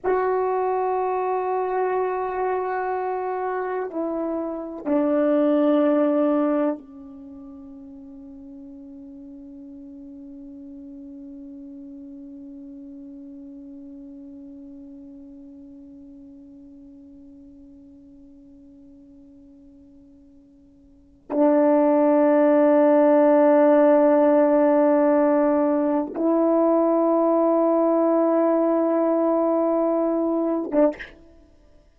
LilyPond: \new Staff \with { instrumentName = "horn" } { \time 4/4 \tempo 4 = 62 fis'1 | e'4 d'2 cis'4~ | cis'1~ | cis'1~ |
cis'1~ | cis'2 d'2~ | d'2. e'4~ | e'2.~ e'8. d'16 | }